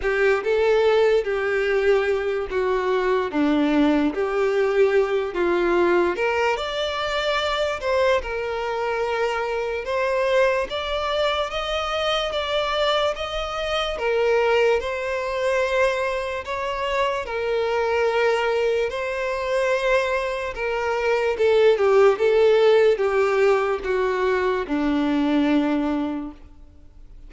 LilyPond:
\new Staff \with { instrumentName = "violin" } { \time 4/4 \tempo 4 = 73 g'8 a'4 g'4. fis'4 | d'4 g'4. f'4 ais'8 | d''4. c''8 ais'2 | c''4 d''4 dis''4 d''4 |
dis''4 ais'4 c''2 | cis''4 ais'2 c''4~ | c''4 ais'4 a'8 g'8 a'4 | g'4 fis'4 d'2 | }